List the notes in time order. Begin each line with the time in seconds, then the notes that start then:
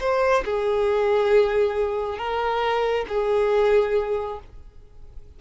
0.00 C5
0.45 G#4
2.18 A#4
3.08 G#4